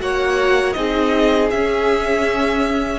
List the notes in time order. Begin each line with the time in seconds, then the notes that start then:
0.00 A#3 F#4 C#5 F#5
0.73 C4 D#4 G#4 D#5
1.51 C#4 E5